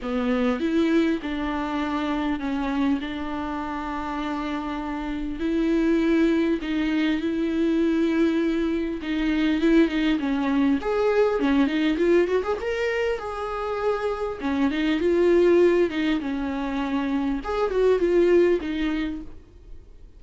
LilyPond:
\new Staff \with { instrumentName = "viola" } { \time 4/4 \tempo 4 = 100 b4 e'4 d'2 | cis'4 d'2.~ | d'4 e'2 dis'4 | e'2. dis'4 |
e'8 dis'8 cis'4 gis'4 cis'8 dis'8 | f'8 fis'16 gis'16 ais'4 gis'2 | cis'8 dis'8 f'4. dis'8 cis'4~ | cis'4 gis'8 fis'8 f'4 dis'4 | }